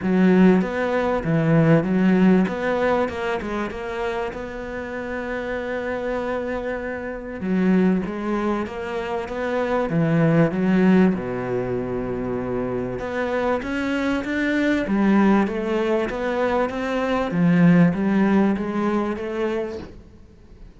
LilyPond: \new Staff \with { instrumentName = "cello" } { \time 4/4 \tempo 4 = 97 fis4 b4 e4 fis4 | b4 ais8 gis8 ais4 b4~ | b1 | fis4 gis4 ais4 b4 |
e4 fis4 b,2~ | b,4 b4 cis'4 d'4 | g4 a4 b4 c'4 | f4 g4 gis4 a4 | }